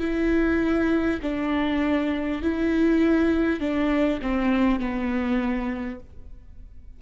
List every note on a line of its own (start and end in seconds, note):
0.00 1.20 E4
1.22 2.42 D4
2.42 3.61 E4
3.61 4.21 D4
4.22 4.80 C4
4.80 6.00 B3